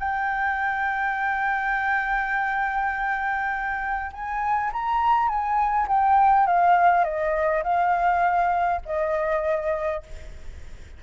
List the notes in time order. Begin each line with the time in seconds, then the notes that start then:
0.00 G5
4.13 G#5
4.73 A#5
5.29 G#5
5.88 G5
6.47 F5
7.05 D#5
7.64 F5
8.86 D#5